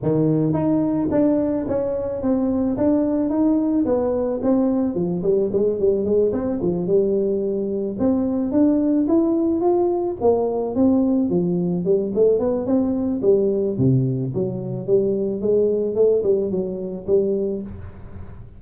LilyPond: \new Staff \with { instrumentName = "tuba" } { \time 4/4 \tempo 4 = 109 dis4 dis'4 d'4 cis'4 | c'4 d'4 dis'4 b4 | c'4 f8 g8 gis8 g8 gis8 c'8 | f8 g2 c'4 d'8~ |
d'8 e'4 f'4 ais4 c'8~ | c'8 f4 g8 a8 b8 c'4 | g4 c4 fis4 g4 | gis4 a8 g8 fis4 g4 | }